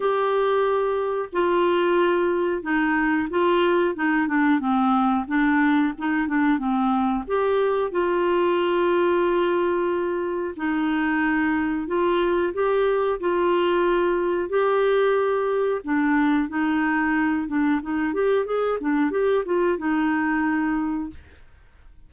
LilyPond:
\new Staff \with { instrumentName = "clarinet" } { \time 4/4 \tempo 4 = 91 g'2 f'2 | dis'4 f'4 dis'8 d'8 c'4 | d'4 dis'8 d'8 c'4 g'4 | f'1 |
dis'2 f'4 g'4 | f'2 g'2 | d'4 dis'4. d'8 dis'8 g'8 | gis'8 d'8 g'8 f'8 dis'2 | }